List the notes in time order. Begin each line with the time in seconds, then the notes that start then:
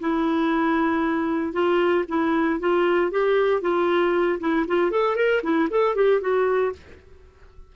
0.00 E4
1.53 F4
2.08 E4
2.60 F4
3.11 G4
3.61 F4
4.39 E4
4.67 F4
4.91 A4
5.15 A#4
5.43 E4
5.70 A4
5.95 G4
6.20 F#4